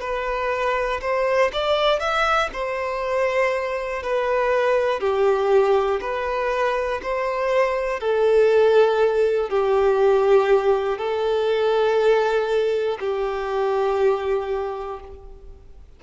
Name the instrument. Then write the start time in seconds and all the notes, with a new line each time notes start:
violin
0.00 B4
1.00 C5
1.53 D5
1.99 E5
2.53 C5
4.02 B4
5.00 G4
6.00 B4
7.02 C5
8.00 A4
9.50 G4
10.97 A4
13.00 G4